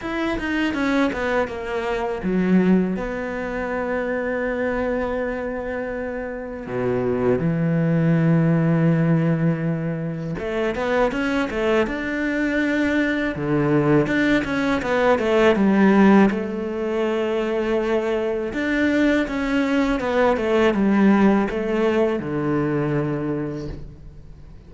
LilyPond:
\new Staff \with { instrumentName = "cello" } { \time 4/4 \tempo 4 = 81 e'8 dis'8 cis'8 b8 ais4 fis4 | b1~ | b4 b,4 e2~ | e2 a8 b8 cis'8 a8 |
d'2 d4 d'8 cis'8 | b8 a8 g4 a2~ | a4 d'4 cis'4 b8 a8 | g4 a4 d2 | }